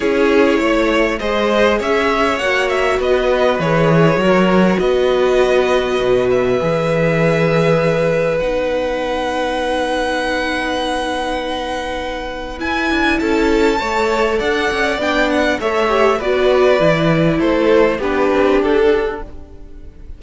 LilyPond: <<
  \new Staff \with { instrumentName = "violin" } { \time 4/4 \tempo 4 = 100 cis''2 dis''4 e''4 | fis''8 e''8 dis''4 cis''2 | dis''2~ dis''8 e''4.~ | e''2 fis''2~ |
fis''1~ | fis''4 gis''4 a''2 | fis''4 g''8 fis''8 e''4 d''4~ | d''4 c''4 b'4 a'4 | }
  \new Staff \with { instrumentName = "violin" } { \time 4/4 gis'4 cis''4 c''4 cis''4~ | cis''4 b'2 ais'4 | b'1~ | b'1~ |
b'1~ | b'2 a'4 cis''4 | d''2 cis''4 b'4~ | b'4 a'4 g'2 | }
  \new Staff \with { instrumentName = "viola" } { \time 4/4 e'2 gis'2 | fis'2 gis'4 fis'4~ | fis'2. gis'4~ | gis'2 dis'2~ |
dis'1~ | dis'4 e'2 a'4~ | a'4 d'4 a'8 g'8 fis'4 | e'2 d'2 | }
  \new Staff \with { instrumentName = "cello" } { \time 4/4 cis'4 a4 gis4 cis'4 | ais4 b4 e4 fis4 | b2 b,4 e4~ | e2 b2~ |
b1~ | b4 e'8 d'8 cis'4 a4 | d'8 cis'8 b4 a4 b4 | e4 a4 b8 c'8 d'4 | }
>>